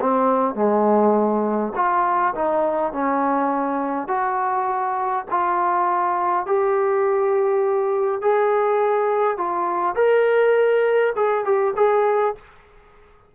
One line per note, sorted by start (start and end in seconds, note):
0.00 0.55 C4
0.55 1.72 G#3
1.75 2.34 F4
2.35 2.92 D#4
2.92 4.07 C#4
4.07 5.25 F#4
5.30 6.46 F4
6.46 8.21 G4
8.21 9.37 G#4
9.37 9.95 F4
9.95 11.13 A#4
11.16 11.44 G#4
11.44 11.74 G4
11.76 12.35 G#4